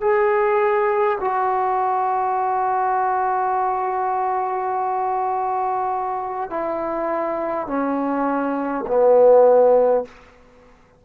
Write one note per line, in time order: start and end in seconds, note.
0.00 1.18 G#4
1.20 6.50 F#4
6.50 7.67 E4
7.67 8.84 C#4
8.87 10.04 B3